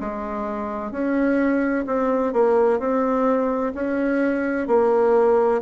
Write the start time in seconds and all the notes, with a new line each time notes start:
0.00 G#3
0.91 C#4
1.86 C4
2.33 A#3
2.79 C4
3.75 C#4
4.67 A#3